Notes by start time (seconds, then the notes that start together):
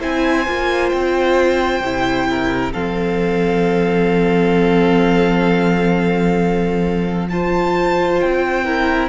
0.00 C4 E4 C5 G#5
0.47 A#3 F4
0.89 C4 G5
1.80 C3 E4
2.30 A#4
2.73 F3 C4 A4 F5
7.29 F4 C5 A5
8.20 C4 G5
8.64 E4 A#4